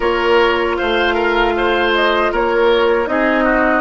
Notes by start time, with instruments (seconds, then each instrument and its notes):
0.00 bassoon A#3, clarinet F4, oboe A#4, flute C#5
0.76 bassoon A3, oboe C5, flute F5
1.14 oboe A#4
1.57 oboe C5
1.94 flute D#5
2.31 bassoon A#3, oboe A#4, flute C#5
3.06 bassoon C4, clarinet D#4, oboe G#4, flute D#5
3.44 oboe F#4